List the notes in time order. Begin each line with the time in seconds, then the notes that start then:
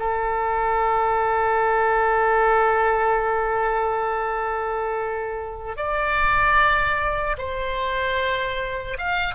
0.00 A4
5.77 D5
7.38 C5
8.98 F5